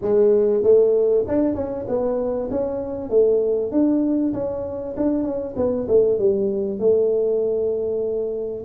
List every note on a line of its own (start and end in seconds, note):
0.01 0.63 G#3
0.63 1.25 A3
1.27 1.54 D4
1.54 1.85 C#4
1.88 2.49 B3
2.50 3.09 C#4
3.09 3.71 A3
3.71 4.33 D4
4.33 4.95 C#4
4.97 5.23 D4
5.23 5.54 C#4
5.56 5.87 B3
5.88 6.19 A3
6.19 6.79 G3
6.79 8.64 A3